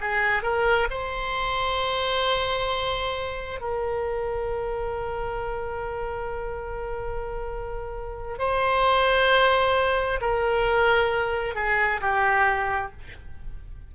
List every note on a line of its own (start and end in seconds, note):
0.00 0.42 G#4
0.42 0.88 A#4
0.90 3.60 C5
3.60 8.38 A#4
8.38 10.20 C5
10.21 11.55 A#4
11.55 12.00 G#4
12.00 12.91 G4